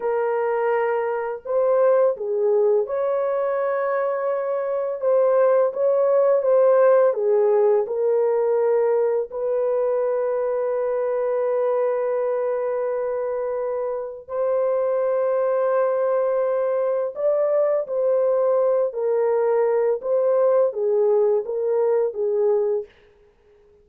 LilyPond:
\new Staff \with { instrumentName = "horn" } { \time 4/4 \tempo 4 = 84 ais'2 c''4 gis'4 | cis''2. c''4 | cis''4 c''4 gis'4 ais'4~ | ais'4 b'2.~ |
b'1 | c''1 | d''4 c''4. ais'4. | c''4 gis'4 ais'4 gis'4 | }